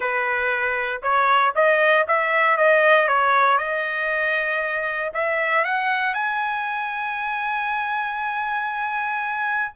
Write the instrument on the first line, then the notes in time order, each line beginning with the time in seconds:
trumpet
0.00 B4
1.02 C#5
1.55 D#5
2.07 E5
2.57 D#5
3.08 C#5
3.58 D#5
5.13 E5
5.64 F#5
6.14 G#5